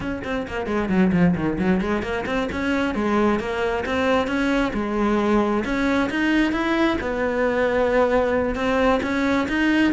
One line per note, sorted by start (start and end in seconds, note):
0.00 0.22 C#4
0.24 0.46 C4
0.47 0.66 A#3
0.66 0.89 G#3
0.89 1.11 F#3
1.12 1.34 F3
1.35 1.58 D#3
1.59 1.80 F#3
1.80 2.02 G#3
2.02 2.25 A#3
2.26 2.48 C4
2.52 2.94 C#4
2.94 3.39 G#3
3.39 3.84 A#3
3.85 4.27 C4
4.27 4.72 C#4
4.73 5.63 G#3
5.64 6.09 C#4
6.10 6.52 D#4
6.52 6.97 E4
7.00 8.55 B3
8.55 9.00 C4
9.02 9.47 C#4
9.48 9.92 D#4